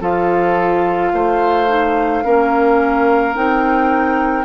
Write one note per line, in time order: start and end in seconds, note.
0.00 1.11 F3
0.00 1.67 F4
0.00 1.12 A4
0.00 3.35 F5
1.12 2.23 A3
1.12 2.24 C5
1.67 2.22 D#4
2.24 3.35 A#3
2.24 3.34 C#4
2.24 4.44 A#4
3.34 4.44 C4
3.34 4.44 D#4
3.34 4.44 G5